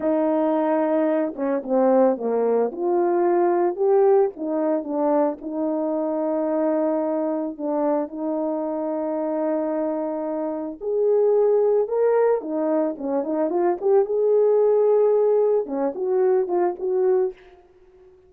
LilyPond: \new Staff \with { instrumentName = "horn" } { \time 4/4 \tempo 4 = 111 dis'2~ dis'8 cis'8 c'4 | ais4 f'2 g'4 | dis'4 d'4 dis'2~ | dis'2 d'4 dis'4~ |
dis'1 | gis'2 ais'4 dis'4 | cis'8 dis'8 f'8 g'8 gis'2~ | gis'4 cis'8 fis'4 f'8 fis'4 | }